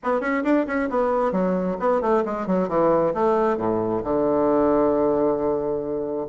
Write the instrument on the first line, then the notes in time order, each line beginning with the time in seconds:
bassoon
0.03 B3
0.20 C#4
0.43 D4
0.67 C#4
0.89 B3
1.32 F#3
1.79 B3
2.01 A3
2.25 G#3
2.46 F#3
2.68 E3
3.13 A3
3.57 A2
4.03 D3